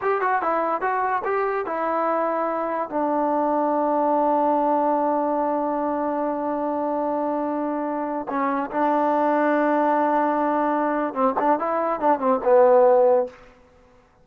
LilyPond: \new Staff \with { instrumentName = "trombone" } { \time 4/4 \tempo 4 = 145 g'8 fis'8 e'4 fis'4 g'4 | e'2. d'4~ | d'1~ | d'1~ |
d'1 | cis'4 d'2.~ | d'2. c'8 d'8 | e'4 d'8 c'8 b2 | }